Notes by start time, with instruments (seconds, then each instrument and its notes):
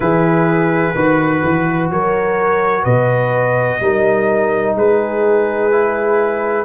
0.00 tuba E3, trombone E4, horn G#4, trumpet B4
0.95 tuba D#3, trombone F#4, horn B4
1.43 tuba E3
1.89 tuba F#3, horn A#4, trumpet C#5
2.83 tuba B2, horn B4, trumpet D#5
3.80 tuba G3, trombone D#4, horn A#4
4.75 tuba G#3, horn G#4, trumpet B4
5.71 trombone E4